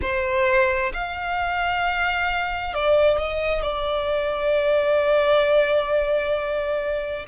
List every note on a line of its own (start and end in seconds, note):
0.01 0.92 C5
0.93 2.74 F5
2.74 3.18 D5
3.18 3.62 D#5
3.62 7.26 D5